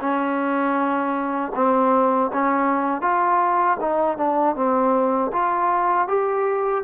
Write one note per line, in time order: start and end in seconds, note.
0.00 1.52 C#4
1.55 2.31 C4
2.33 3.01 C#4
3.01 3.77 F4
3.80 4.17 D#4
4.17 4.55 D4
4.55 5.31 C4
5.32 6.08 F4
6.08 6.84 G4